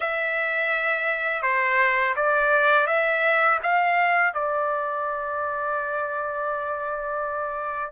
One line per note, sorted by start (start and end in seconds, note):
0.00 1.42 E5
1.42 2.15 C5
2.16 2.87 D5
2.87 3.59 E5
3.62 4.33 F5
4.33 7.92 D5